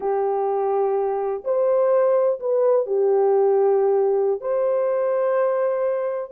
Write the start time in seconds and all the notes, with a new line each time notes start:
0.00 G4
1.44 C5
2.40 B4
2.86 G4
4.40 C5